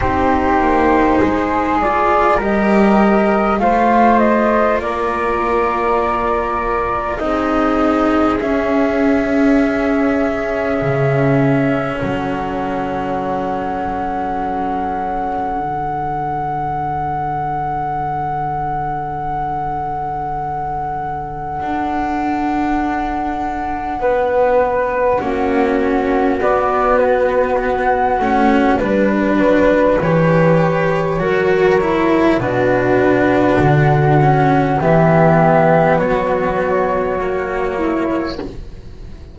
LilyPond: <<
  \new Staff \with { instrumentName = "flute" } { \time 4/4 \tempo 4 = 50 c''4. d''8 dis''4 f''8 dis''8 | d''2 dis''4 e''4~ | e''2 fis''2~ | fis''1~ |
fis''1~ | fis''2 d''8 b'8 fis''4 | b'4 cis''2 b'4 | fis''4 e''4 cis''2 | }
  \new Staff \with { instrumentName = "flute" } { \time 4/4 g'4 gis'4 ais'4 c''4 | ais'2 gis'2~ | gis'2 a'2~ | a'1~ |
a'1 | b'4 fis'2. | b'2 ais'4 fis'4~ | fis'4 g'4 fis'4. e'8 | }
  \new Staff \with { instrumentName = "cello" } { \time 4/4 dis'4. f'8 g'4 f'4~ | f'2 dis'4 cis'4~ | cis'1~ | cis'4 d'2.~ |
d'1~ | d'4 cis'4 b4. cis'8 | d'4 g'4 fis'8 e'8 d'4~ | d'8 cis'8 b2 ais4 | }
  \new Staff \with { instrumentName = "double bass" } { \time 4/4 c'8 ais8 gis4 g4 a4 | ais2 c'4 cis'4~ | cis'4 cis4 fis2~ | fis4 d2.~ |
d2 d'2 | b4 ais4 b4. a8 | g8 fis8 e4 fis4 b,4 | d4 e4 fis2 | }
>>